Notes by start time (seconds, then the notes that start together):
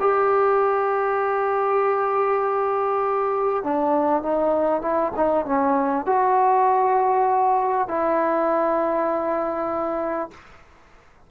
0.00 G4
3.64 D4
4.22 D#4
4.82 E4
5.16 D#4
5.45 C#4
6.06 F#4
7.88 E4